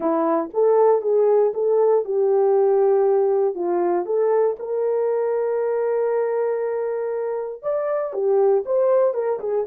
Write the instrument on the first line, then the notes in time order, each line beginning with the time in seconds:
horn
0.00 E4
0.53 A4
1.01 G#4
1.53 A4
2.04 G4
3.55 F4
4.05 A4
4.59 A#4
7.62 D5
8.13 G4
8.65 C5
9.13 A#4
9.39 G#4